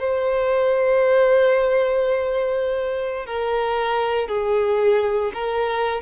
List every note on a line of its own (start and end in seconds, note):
0.00 3.26 C5
3.26 4.28 A#4
4.28 5.32 G#4
5.34 6.02 A#4